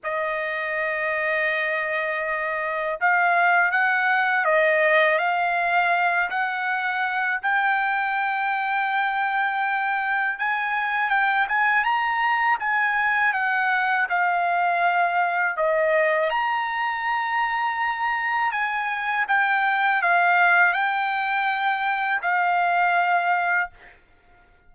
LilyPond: \new Staff \with { instrumentName = "trumpet" } { \time 4/4 \tempo 4 = 81 dis''1 | f''4 fis''4 dis''4 f''4~ | f''8 fis''4. g''2~ | g''2 gis''4 g''8 gis''8 |
ais''4 gis''4 fis''4 f''4~ | f''4 dis''4 ais''2~ | ais''4 gis''4 g''4 f''4 | g''2 f''2 | }